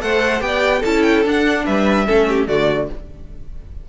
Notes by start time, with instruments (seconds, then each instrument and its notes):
0.00 cello A3, viola A4, violin C5 F#5
0.40 cello B3, viola G4, violin G5
0.47 violin D5
0.79 cello C#4, viola E4, violin A4 A5
1.03 violin G5
1.25 viola D4, cello D4, violin F#5
1.65 cello G3, violin B4 E5
2.06 cello A3, viola C#4, violin A4
2.28 violin G4
2.48 cello D3, viola A3, violin F#4 D5